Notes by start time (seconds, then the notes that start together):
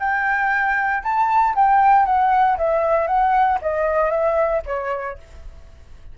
0.00 G5
1.03 A5
1.56 G5
2.06 F#5
2.58 E5
3.08 F#5
3.62 D#5
4.11 E5
4.67 C#5